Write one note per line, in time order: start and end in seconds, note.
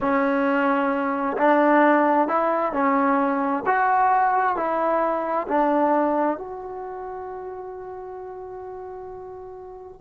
0.00 1.37 C#4
1.37 2.27 D4
2.27 2.72 E4
2.72 3.63 C#4
3.66 4.56 F#4
4.56 5.47 E4
5.48 6.37 D4
6.37 10.00 F#4